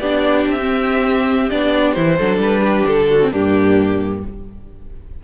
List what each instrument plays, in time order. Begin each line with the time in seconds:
0.00 cello B3, viola D4, violin G4 D5
0.48 cello C4, violin E5
0.61 viola C4
1.50 cello B3, viola D4, violin D5
1.93 cello E3, viola E4, violin C5
2.18 cello F#3, viola D4, violin A4
2.38 cello G3, violin B4
2.62 violin G4
2.87 cello D3, violin A4
3.10 violin F#4
3.23 viola C4
3.32 cello G2, viola A#3, violin D4 G4